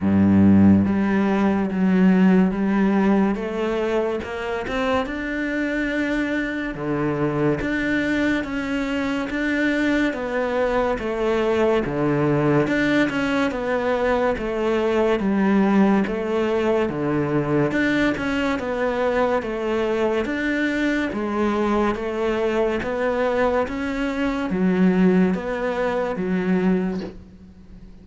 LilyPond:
\new Staff \with { instrumentName = "cello" } { \time 4/4 \tempo 4 = 71 g,4 g4 fis4 g4 | a4 ais8 c'8 d'2 | d4 d'4 cis'4 d'4 | b4 a4 d4 d'8 cis'8 |
b4 a4 g4 a4 | d4 d'8 cis'8 b4 a4 | d'4 gis4 a4 b4 | cis'4 fis4 b4 fis4 | }